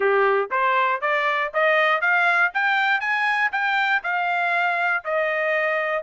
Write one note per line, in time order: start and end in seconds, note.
0.00 0.49 G4
0.50 1.01 C5
1.01 1.51 D5
1.53 2.01 D#5
2.01 2.51 F5
2.53 3.00 G5
3.00 3.50 G#5
3.52 4.02 G5
4.03 5.04 F5
5.04 6.03 D#5